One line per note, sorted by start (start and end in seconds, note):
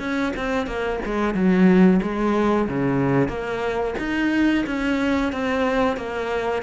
0.00 0.33 C#4
0.37 0.67 C4
0.67 1.00 A#3
1.05 1.35 G#3
1.35 2.00 F#3
2.03 2.69 G#3
2.69 3.28 C#3
3.28 3.94 A#3
3.99 4.65 D#4
4.67 5.33 C#4
5.33 5.97 C4
5.97 6.63 A#3